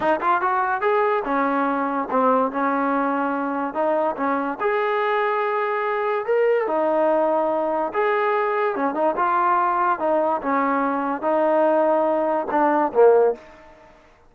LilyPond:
\new Staff \with { instrumentName = "trombone" } { \time 4/4 \tempo 4 = 144 dis'8 f'8 fis'4 gis'4 cis'4~ | cis'4 c'4 cis'2~ | cis'4 dis'4 cis'4 gis'4~ | gis'2. ais'4 |
dis'2. gis'4~ | gis'4 cis'8 dis'8 f'2 | dis'4 cis'2 dis'4~ | dis'2 d'4 ais4 | }